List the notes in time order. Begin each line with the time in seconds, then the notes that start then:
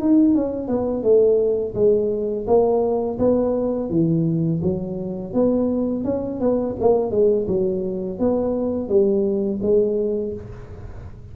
0.00 D#4
0.35 C#4
0.68 B3
1.03 A3
1.75 G#3
2.47 A#3
3.19 B3
3.90 E3
4.63 F#3
5.33 B3
6.05 C#4
6.41 B3
6.81 A#3
7.11 G#3
7.48 F#3
8.19 B3
8.89 G3
9.62 G#3